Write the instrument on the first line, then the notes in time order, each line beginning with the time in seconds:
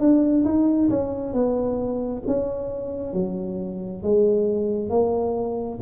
tuba
0.00 D4
0.45 D#4
0.90 C#4
1.34 B3
2.27 C#4
3.14 F#3
4.03 G#3
4.90 A#3